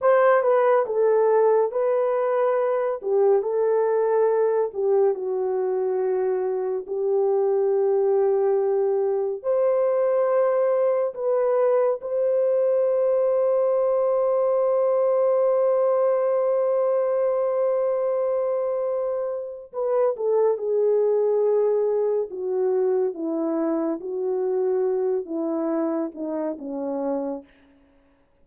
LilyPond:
\new Staff \with { instrumentName = "horn" } { \time 4/4 \tempo 4 = 70 c''8 b'8 a'4 b'4. g'8 | a'4. g'8 fis'2 | g'2. c''4~ | c''4 b'4 c''2~ |
c''1~ | c''2. b'8 a'8 | gis'2 fis'4 e'4 | fis'4. e'4 dis'8 cis'4 | }